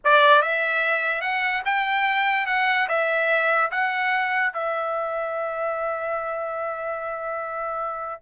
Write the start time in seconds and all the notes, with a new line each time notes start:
0.04 D5
0.42 E5
1.21 F#5
1.65 G5
2.46 F#5
2.88 E5
3.71 F#5
4.53 E5